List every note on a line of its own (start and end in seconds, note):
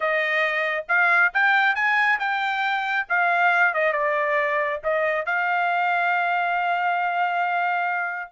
0.00 0.84 D#5
0.88 1.32 F5
1.33 1.75 G5
1.75 2.18 G#5
2.19 3.06 G5
3.08 3.73 F5
3.73 3.93 D#5
3.93 4.80 D5
4.83 5.25 D#5
5.25 8.32 F5